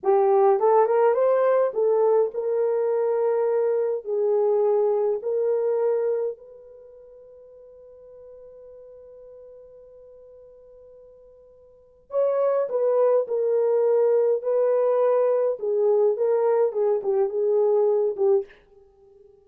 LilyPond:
\new Staff \with { instrumentName = "horn" } { \time 4/4 \tempo 4 = 104 g'4 a'8 ais'8 c''4 a'4 | ais'2. gis'4~ | gis'4 ais'2 b'4~ | b'1~ |
b'1~ | b'4 cis''4 b'4 ais'4~ | ais'4 b'2 gis'4 | ais'4 gis'8 g'8 gis'4. g'8 | }